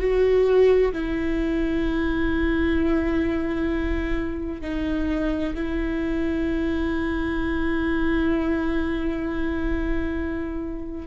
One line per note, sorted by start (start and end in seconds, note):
0.00 0.92 F#4
0.92 4.62 E4
4.62 5.54 D#4
5.55 11.07 E4